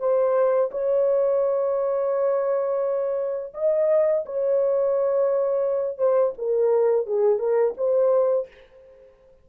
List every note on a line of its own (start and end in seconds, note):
0.00 0.71 C5
0.71 3.54 C#5
3.54 4.25 D#5
4.26 5.98 C#5
5.98 6.33 C5
6.38 7.07 A#4
7.07 7.39 G#4
7.39 7.74 A#4
7.77 8.48 C5